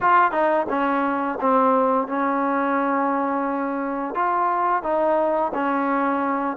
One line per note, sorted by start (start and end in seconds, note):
0.01 0.31 F4
0.31 0.66 D#4
0.69 1.38 C#4
1.40 2.07 C4
2.07 4.14 C#4
4.14 4.82 F4
4.82 5.51 D#4
5.54 6.56 C#4